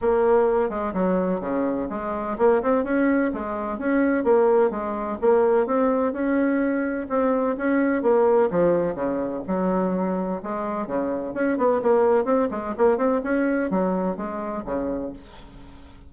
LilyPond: \new Staff \with { instrumentName = "bassoon" } { \time 4/4 \tempo 4 = 127 ais4. gis8 fis4 cis4 | gis4 ais8 c'8 cis'4 gis4 | cis'4 ais4 gis4 ais4 | c'4 cis'2 c'4 |
cis'4 ais4 f4 cis4 | fis2 gis4 cis4 | cis'8 b8 ais4 c'8 gis8 ais8 c'8 | cis'4 fis4 gis4 cis4 | }